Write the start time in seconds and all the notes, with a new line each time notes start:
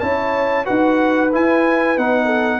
0.00 C#4 E4 C#5 A5
0.65 D#4 F#4 B4 F#5
1.32 E4 G#5
1.98 B3 D#4 F#5
2.25 A4